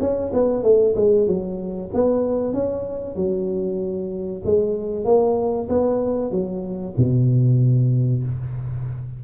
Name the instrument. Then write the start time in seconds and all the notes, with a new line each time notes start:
tuba
0.00 C#4
0.33 B3
0.63 A3
0.96 G#3
1.27 F#3
1.93 B3
2.53 C#4
3.16 F#3
4.44 G#3
5.05 A#3
5.69 B3
6.31 F#3
6.97 B2